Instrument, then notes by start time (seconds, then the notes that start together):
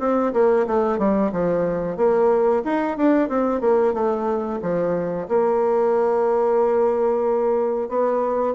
bassoon
0.00 C4
0.33 A#3
0.67 A3
0.99 G3
1.32 F3
1.97 A#3
2.65 D#4
2.97 D4
3.29 C4
3.61 A#3
3.94 A3
4.62 F3
5.29 A#3
7.89 B3